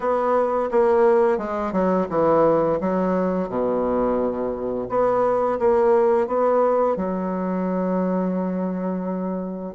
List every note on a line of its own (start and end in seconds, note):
0.00 0.70 B3
0.71 1.38 A#3
1.38 1.72 G#3
1.72 2.07 F#3
2.09 2.79 E3
2.80 3.48 F#3
3.48 4.88 B2
4.89 5.58 B3
5.59 6.27 A#3
6.27 6.96 B3
6.96 9.75 F#3